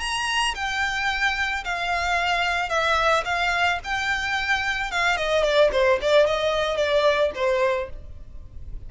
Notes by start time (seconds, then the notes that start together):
0.00 A#5
0.55 G5
1.65 F5
2.69 E5
3.25 F5
3.84 G5
4.91 F5
5.17 D#5
5.43 D5
5.72 C5
6.01 D5
6.27 D#5
6.77 D5
7.35 C5